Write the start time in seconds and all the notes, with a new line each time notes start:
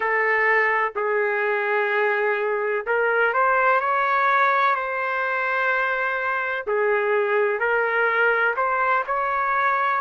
0.00 A4
0.95 G#4
2.86 A#4
3.33 C5
3.80 C#5
4.75 C5
6.67 G#4
7.59 A#4
8.56 C5
9.06 C#5